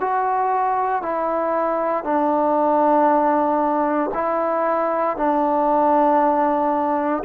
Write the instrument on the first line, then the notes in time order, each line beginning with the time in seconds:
trombone
0.00 F#4
1.03 E4
2.04 D4
4.14 E4
5.17 D4